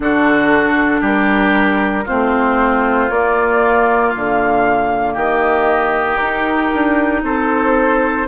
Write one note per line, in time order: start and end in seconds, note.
0.00 1.00 D3
0.00 2.03 D4
0.00 1.00 F#4
0.00 1.04 A4
1.00 2.05 G3
1.00 2.04 G4
1.00 2.08 A#4
2.04 3.11 C4
2.04 5.13 F4
2.04 3.09 C5
2.11 3.09 A3
3.09 4.13 A#3
3.09 6.20 A#3
3.09 4.10 D5
4.10 5.15 D3
4.10 5.13 F5
5.13 6.19 D#3
5.13 7.20 G4
5.13 6.17 D#5
6.17 6.71 D#4
6.17 8.27 D#4
6.17 7.21 A#4
6.73 7.22 D4
7.22 8.26 C4
7.22 8.27 A4
7.22 8.27 C5